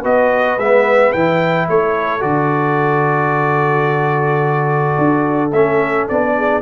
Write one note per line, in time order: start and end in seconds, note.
0.00 0.57 B3
0.00 0.58 F#4
0.00 1.65 B4
0.00 0.58 D#5
0.57 1.12 G#3
0.57 1.15 B3
0.57 1.12 E5
1.12 1.68 E3
1.12 2.20 E4
1.12 1.67 G5
1.68 2.23 A3
1.68 6.36 A4
1.68 2.21 C#5
2.20 4.98 D3
2.20 5.50 F#4
2.20 5.52 D5
4.98 5.52 D4
5.52 6.07 A3
5.52 6.10 C#4
5.52 6.07 E5
6.08 6.62 B3
6.08 6.62 D4
6.08 6.62 D5
6.36 6.62 G#4